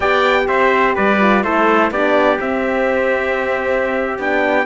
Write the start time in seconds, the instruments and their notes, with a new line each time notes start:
0.00 cello B3, horn G4, trumpet D5 G5
0.47 cello C4, trumpet C5 E5
0.95 cello G3, trumpet B4 D5
1.20 horn F4
1.43 cello A3, horn E4, trumpet A4 C5
1.90 cello B3, horn D4, trumpet G4 D5
2.38 horn C4, cello C4, trumpet E5
4.18 cello B3, horn D4, trumpet G5